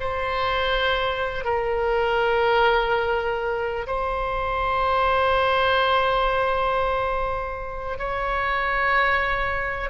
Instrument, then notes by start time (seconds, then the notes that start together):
oboe
0.00 C5
1.45 A#4
3.87 C5
7.98 C#5